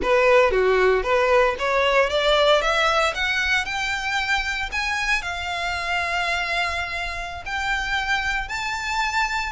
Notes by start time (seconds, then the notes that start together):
0.02 B4
0.51 F#4
1.03 B4
1.58 C#5
2.09 D5
2.61 E5
3.14 F#5
3.65 G5
4.72 G#5
5.22 F5
7.45 G5
8.48 A5